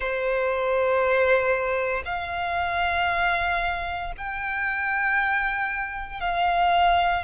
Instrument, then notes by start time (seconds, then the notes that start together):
violin
0.00 C5
2.05 F5
4.17 G5
6.20 F5